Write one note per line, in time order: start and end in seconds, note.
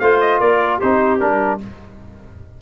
0.00 0.41 A3
0.00 0.82 F4
0.00 0.40 C5
0.00 0.20 F5
0.21 0.40 D#5
0.40 0.81 A#3
0.40 0.79 A#4
0.40 0.80 D5
0.79 1.22 C4
0.79 1.20 D#4
0.79 1.59 G4
0.79 1.20 C5
1.20 1.62 G3
1.20 1.60 D4
1.20 1.60 A#4